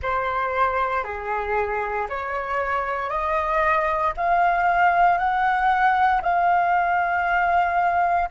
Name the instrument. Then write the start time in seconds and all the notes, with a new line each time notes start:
flute
0.02 C5
1.03 G#4
2.09 C#5
3.09 D#5
4.17 F5
5.17 F#5
6.22 F5